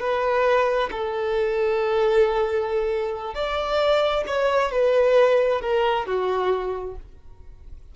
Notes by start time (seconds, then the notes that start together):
0.00 B4
0.91 A4
3.34 D5
4.26 C#5
4.72 B4
5.61 A#4
6.06 F#4